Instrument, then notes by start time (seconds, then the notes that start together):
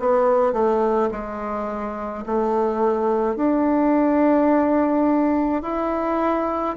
bassoon
0.00 B3
0.53 A3
1.12 G#3
2.26 A3
3.37 D4
5.62 E4